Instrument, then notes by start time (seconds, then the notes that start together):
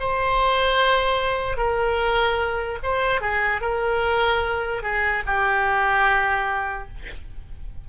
oboe
0.00 C5
1.57 A#4
2.83 C5
3.21 G#4
3.62 A#4
4.83 G#4
5.26 G4